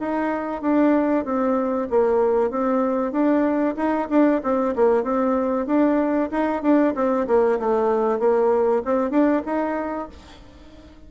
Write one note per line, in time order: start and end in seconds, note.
0.00 0.62 D#4
0.62 1.25 D4
1.25 1.88 C4
1.91 2.51 A#3
2.51 3.12 C4
3.12 3.76 D4
3.77 4.09 D#4
4.10 4.42 D4
4.44 4.75 C4
4.76 5.04 A#3
5.04 5.67 C4
5.67 6.30 D4
6.32 6.63 D#4
6.63 6.94 D4
6.96 7.27 C4
7.27 7.59 A#3
7.60 8.20 A3
8.20 8.83 A#3
8.85 9.11 C4
9.11 9.42 D4
9.46 10.09 D#4